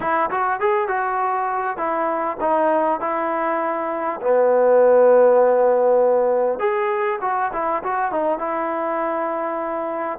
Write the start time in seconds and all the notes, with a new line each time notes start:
0.00 E4
0.30 F#4
0.60 G#4
0.88 F#4
1.77 E4
2.40 D#4
3.00 E4
4.21 B3
6.59 G#4
7.21 F#4
7.52 E4
7.83 F#4
8.11 D#4
8.38 E4